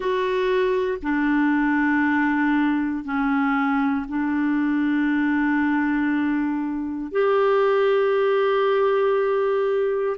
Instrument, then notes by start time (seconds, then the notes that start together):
clarinet
0.00 F#4
1.02 D4
3.04 C#4
4.08 D4
7.11 G4